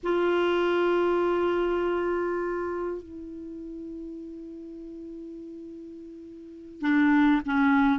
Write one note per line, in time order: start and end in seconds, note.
0.03 3.02 F4
3.02 6.81 E4
6.81 7.41 D4
7.45 7.99 C#4